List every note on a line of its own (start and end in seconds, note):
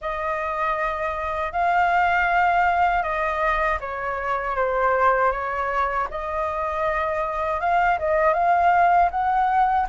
0.01 1.52 D#5
1.52 3.02 F5
3.02 3.78 D#5
3.80 4.56 C#5
4.56 5.31 C5
5.31 6.07 C#5
6.10 7.60 D#5
7.60 7.98 F5
7.98 8.33 D#5
8.33 9.09 F5
9.10 9.86 F#5